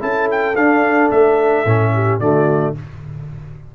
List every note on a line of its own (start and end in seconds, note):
0.00 0.55 C#4
0.00 0.55 E4
0.00 1.93 A4
0.00 0.30 A5
0.31 0.56 G5
0.55 1.10 D4
0.55 1.66 D4
0.55 1.11 F5
1.11 1.65 A3
1.11 2.20 E5
1.65 2.20 A2
1.65 2.21 C#4
1.94 2.20 G4
2.20 2.75 D3
2.20 2.75 A3
2.20 2.75 F#4
2.20 2.74 D5